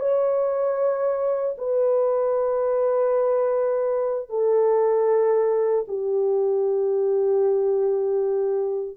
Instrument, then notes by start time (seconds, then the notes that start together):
horn
0.00 C#5
1.58 B4
4.30 A4
5.88 G4